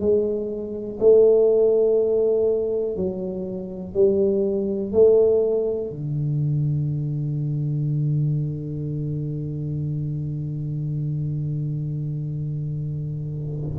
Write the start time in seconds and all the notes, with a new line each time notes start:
0.00 G#3
0.99 A3
2.96 F#3
3.94 G3
4.92 A3
5.90 D3